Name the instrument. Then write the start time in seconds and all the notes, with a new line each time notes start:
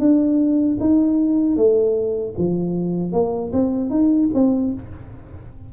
tuba
0.00 D4
0.80 D#4
1.57 A3
2.38 F3
3.13 A#3
3.53 C4
3.90 D#4
4.34 C4